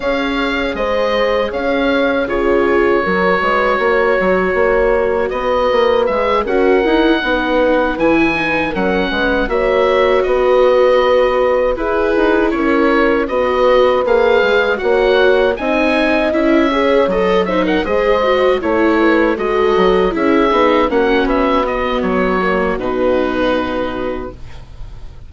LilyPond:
<<
  \new Staff \with { instrumentName = "oboe" } { \time 4/4 \tempo 4 = 79 f''4 dis''4 f''4 cis''4~ | cis''2. dis''4 | e''8 fis''2 gis''4 fis''8~ | fis''8 e''4 dis''2 b'8~ |
b'8 cis''4 dis''4 f''4 fis''8~ | fis''8 gis''4 e''4 dis''8 e''16 fis''16 dis''8~ | dis''8 cis''4 dis''4 e''4 fis''8 | e''8 dis''8 cis''4 b'2 | }
  \new Staff \with { instrumentName = "horn" } { \time 4/4 cis''4 c''4 cis''4 gis'4 | ais'8 b'8 cis''2 b'4~ | b'8 ais'4 b'2 ais'8 | b'8 cis''4 b'2 gis'8~ |
gis'8 ais'4 b'2 cis''8~ | cis''8 dis''4. cis''4 c''16 ais'16 c''8~ | c''8 cis''8 b'8 a'4 gis'4 fis'8~ | fis'1 | }
  \new Staff \with { instrumentName = "viola" } { \time 4/4 gis'2. f'4 | fis'1 | gis'8 fis'8 e'8 dis'4 e'8 dis'8 cis'8~ | cis'8 fis'2. e'8~ |
e'4. fis'4 gis'4 fis'8~ | fis'8 dis'4 e'8 gis'8 a'8 dis'8 gis'8 | fis'8 e'4 fis'4 e'8 dis'8 cis'8~ | cis'8 b4 ais8 dis'2 | }
  \new Staff \with { instrumentName = "bassoon" } { \time 4/4 cis'4 gis4 cis'4 cis4 | fis8 gis8 ais8 fis8 ais4 b8 ais8 | gis8 cis'8 dis'8 b4 e4 fis8 | gis8 ais4 b2 e'8 |
dis'8 cis'4 b4 ais8 gis8 ais8~ | ais8 c'4 cis'4 fis4 gis8~ | gis8 a4 gis8 fis8 cis'8 b8 ais8 | b4 fis4 b,2 | }
>>